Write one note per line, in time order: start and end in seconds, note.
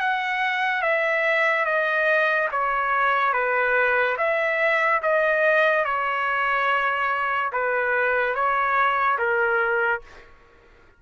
0.00 0.82 F#5
0.82 1.65 E5
1.65 2.48 D#5
2.52 3.33 C#5
3.33 4.17 B4
4.18 5.01 E5
5.02 5.85 D#5
5.85 7.52 C#5
7.53 8.35 B4
8.35 9.18 C#5
9.18 10.02 A#4